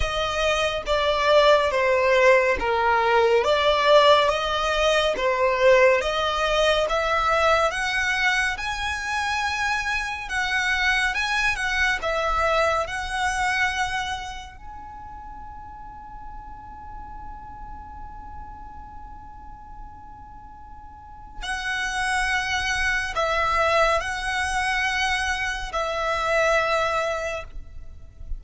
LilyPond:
\new Staff \with { instrumentName = "violin" } { \time 4/4 \tempo 4 = 70 dis''4 d''4 c''4 ais'4 | d''4 dis''4 c''4 dis''4 | e''4 fis''4 gis''2 | fis''4 gis''8 fis''8 e''4 fis''4~ |
fis''4 gis''2.~ | gis''1~ | gis''4 fis''2 e''4 | fis''2 e''2 | }